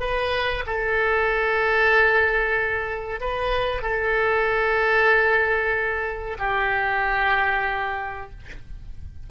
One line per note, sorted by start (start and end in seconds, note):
0.00 0.64 B4
0.66 3.20 A4
3.20 3.82 B4
3.82 6.37 A4
6.39 8.30 G4